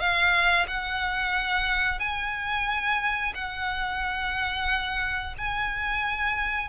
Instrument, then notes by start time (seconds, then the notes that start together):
violin
0.00 F5
0.68 F#5
2.00 G#5
3.35 F#5
5.38 G#5